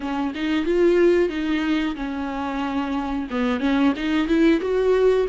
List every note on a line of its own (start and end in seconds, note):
0.00 0.33 C#4
0.34 0.65 D#4
0.65 1.29 F4
1.29 1.95 D#4
1.95 3.27 C#4
3.30 3.60 B3
3.60 3.93 C#4
3.96 4.27 D#4
4.27 4.60 E4
4.60 5.26 F#4